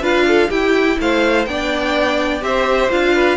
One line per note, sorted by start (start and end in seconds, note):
0.00 0.48 D4
0.00 0.50 F4
0.00 0.26 B4
0.00 0.51 F5
0.27 0.49 A4
0.49 1.47 E4
0.49 0.99 E4
0.49 0.97 G4
0.49 0.99 G5
1.00 1.46 A3
1.00 1.49 C5
1.00 1.46 F5
1.46 2.42 B3
1.46 2.41 D4
1.46 2.44 D5
1.46 2.42 G5
2.41 2.90 C4
2.41 2.89 G4
2.41 3.14 C5
2.41 2.91 E5
2.90 3.37 D4
2.90 3.37 F4
2.90 3.37 F5
3.14 3.37 B4